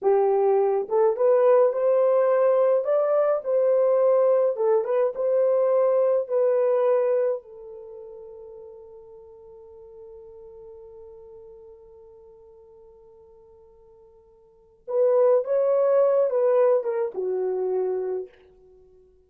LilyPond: \new Staff \with { instrumentName = "horn" } { \time 4/4 \tempo 4 = 105 g'4. a'8 b'4 c''4~ | c''4 d''4 c''2 | a'8 b'8 c''2 b'4~ | b'4 a'2.~ |
a'1~ | a'1~ | a'2 b'4 cis''4~ | cis''8 b'4 ais'8 fis'2 | }